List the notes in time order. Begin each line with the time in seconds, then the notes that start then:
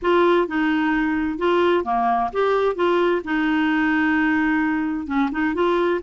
0.01 F4
0.47 D#4
1.38 F4
1.84 A#3
2.32 G4
2.75 F4
3.24 D#4
5.06 C#4
5.31 D#4
5.54 F4